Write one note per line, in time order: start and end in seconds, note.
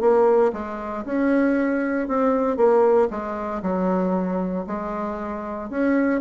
0.00 0.52 A#3
0.52 1.04 G#3
1.05 2.08 C#4
2.08 2.57 C4
2.57 3.08 A#3
3.10 3.62 G#3
3.62 4.65 F#3
4.66 5.69 G#3
5.69 6.20 C#4